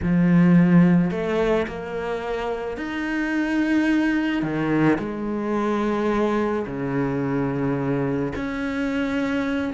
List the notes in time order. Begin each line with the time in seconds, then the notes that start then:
0.02 F3
1.11 A3
1.67 A#3
2.77 D#4
4.42 D#3
4.98 G#3
6.66 C#3
8.35 C#4